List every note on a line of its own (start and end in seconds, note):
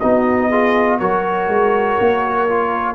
0.00 1.01 B3
0.00 0.52 D#4
0.00 0.50 F#4
0.00 0.98 D#5
0.50 1.01 F4
0.50 0.99 G#4
0.99 1.48 F#3
0.99 2.48 F#4
0.99 2.95 A#4
0.99 2.95 C#5
1.48 1.97 G#3
2.00 2.95 A#3
2.49 2.95 F4